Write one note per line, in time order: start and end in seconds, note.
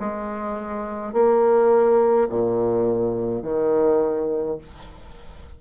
0.00 1.13 G#3
1.13 2.29 A#3
2.29 3.42 A#2
3.42 4.58 D#3